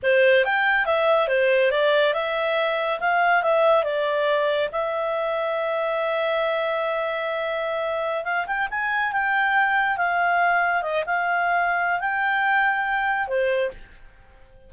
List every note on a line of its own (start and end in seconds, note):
0.02 0.45 C5
0.45 0.85 G5
0.85 1.28 E5
1.28 1.71 C5
1.71 2.13 D5
2.13 2.99 E5
3.00 3.42 F5
3.42 3.83 E5
3.83 4.69 D5
4.71 8.24 E5
8.24 8.46 F5
8.46 8.68 G5
8.70 9.12 G#5
9.12 9.97 G5
9.97 10.82 F5
10.82 11.04 D#5
11.06 11.99 F5
11.99 13.27 G5
13.27 13.70 C5